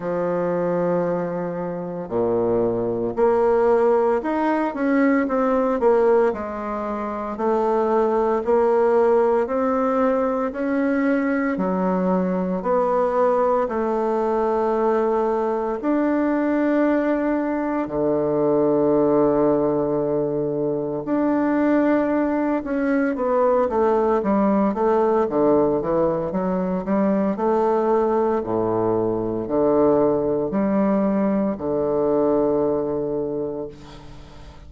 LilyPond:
\new Staff \with { instrumentName = "bassoon" } { \time 4/4 \tempo 4 = 57 f2 ais,4 ais4 | dis'8 cis'8 c'8 ais8 gis4 a4 | ais4 c'4 cis'4 fis4 | b4 a2 d'4~ |
d'4 d2. | d'4. cis'8 b8 a8 g8 a8 | d8 e8 fis8 g8 a4 a,4 | d4 g4 d2 | }